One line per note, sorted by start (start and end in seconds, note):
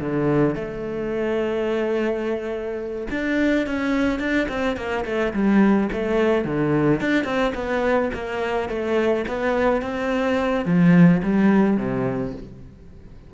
0.00 0.55 D3
0.55 3.07 A3
3.11 3.67 D4
3.67 4.20 C#4
4.20 4.48 D4
4.49 4.77 C4
4.77 5.05 A#3
5.05 5.33 A3
5.34 5.90 G3
5.92 6.45 A3
6.45 7.01 D3
7.01 7.24 D4
7.24 7.52 C4
7.55 8.11 B3
8.14 8.69 A#3
8.69 9.25 A3
9.28 9.82 B3
9.82 10.66 C4
10.66 11.22 F3
11.23 11.77 G3
11.77 12.33 C3